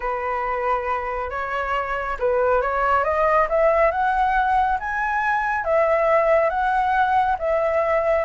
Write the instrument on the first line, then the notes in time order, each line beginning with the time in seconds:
flute
0.00 B4
1.30 C#5
2.19 B4
2.61 C#5
3.04 D#5
3.49 E5
3.91 F#5
4.79 G#5
5.64 E5
6.49 F#5
7.39 E5